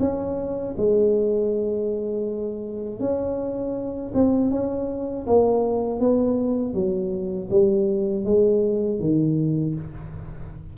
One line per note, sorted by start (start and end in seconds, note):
0.00 0.75 C#4
0.77 3.00 G#3
3.00 4.12 C#4
4.14 4.51 C4
4.51 5.26 C#4
5.26 6.00 A#3
6.00 6.74 B3
6.74 7.49 F#3
7.50 8.25 G3
8.25 9.00 G#3
9.00 9.75 D#3